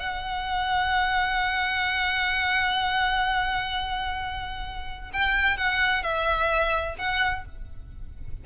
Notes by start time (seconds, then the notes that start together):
0.00 F#5
5.14 G5
5.57 F#5
6.03 E5
6.99 F#5